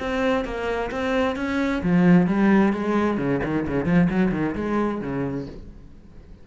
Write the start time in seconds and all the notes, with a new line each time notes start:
0.00 C4
0.45 A#3
0.91 C4
1.36 C#4
1.83 F3
2.27 G3
2.73 G#3
3.18 C#3
3.44 D#3
3.68 C#3
3.86 F3
4.10 F#3
4.32 D#3
4.56 G#3
5.02 C#3